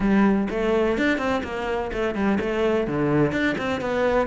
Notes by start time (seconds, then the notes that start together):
0.00 G3
0.50 A3
0.97 D4
1.18 C4
1.43 A#3
1.92 A3
2.14 G3
2.40 A3
2.87 D3
3.32 D4
3.57 C4
3.80 B3